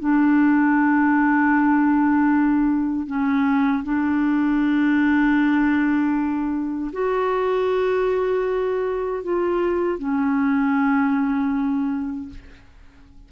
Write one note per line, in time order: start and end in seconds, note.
0.00 3.07 D4
3.07 3.84 C#4
3.84 6.92 D4
6.93 9.24 F#4
9.24 9.99 F4
9.99 12.29 C#4